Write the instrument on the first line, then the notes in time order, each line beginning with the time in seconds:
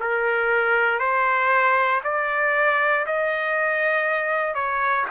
trumpet
0.00 A#4
0.99 C5
2.04 D5
3.06 D#5
4.54 C#5